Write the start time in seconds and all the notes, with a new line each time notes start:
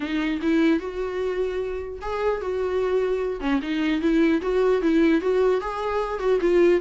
0.00 D#4
0.41 E4
0.79 F#4
2.01 G#4
2.41 F#4
3.40 C#4
3.62 D#4
4.01 E4
4.41 F#4
4.81 E4
5.21 F#4
5.60 G#4
6.19 F#4
6.41 F4